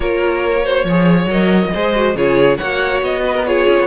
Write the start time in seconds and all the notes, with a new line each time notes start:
0.00 A#3 F4 A#4 C#5
0.64 F#4 C5
0.83 F3 G#4 C#5
1.26 F#3 A#4 D#5
1.73 G#3 G#4 C5
1.94 F#4
2.14 C#3 F4 G#4 C#5
2.57 A#3 F#4 C#5 F#5
3.02 B3 D#5
3.24 B4
3.34 A#4
3.45 F4 G#4 C#5
3.69 C#4
3.79 B3